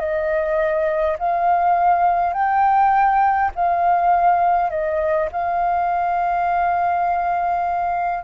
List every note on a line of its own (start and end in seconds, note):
0.00 1.18 D#5
1.19 2.34 F5
2.34 3.51 G5
3.56 4.71 F5
4.71 5.29 D#5
5.33 8.24 F5